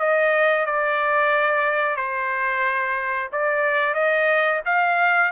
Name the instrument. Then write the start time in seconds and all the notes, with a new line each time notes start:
trumpet
0.00 D#5
0.66 D5
1.97 C5
3.33 D5
3.95 D#5
4.66 F5